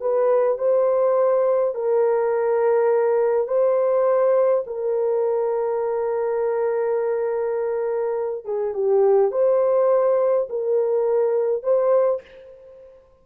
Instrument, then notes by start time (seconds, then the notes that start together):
horn
0.00 B4
0.58 C5
1.74 A#4
3.47 C5
4.66 A#4
8.45 G#4
8.74 G4
9.31 C5
10.49 A#4
11.63 C5